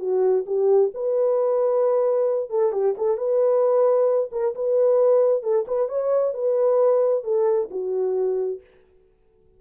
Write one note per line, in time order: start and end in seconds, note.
0.00 0.45 F#4
0.47 0.92 G4
0.95 2.50 B4
2.50 2.73 A4
2.73 2.95 G4
2.98 3.18 A4
3.18 4.31 B4
4.32 4.55 A#4
4.55 5.43 B4
5.43 5.66 A4
5.68 5.89 B4
5.89 6.34 C#5
6.34 7.24 B4
7.24 7.69 A4
7.71 8.61 F#4